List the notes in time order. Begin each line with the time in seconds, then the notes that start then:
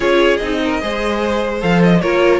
0.00 C#4 F4 G#4 C#5
0.37 C4 D#4 D#5
0.64 A#4
0.81 G#3 G#4 C5
1.60 F3 A4 F5
1.83 D#5
2.01 A#3 F4 A#4 C#5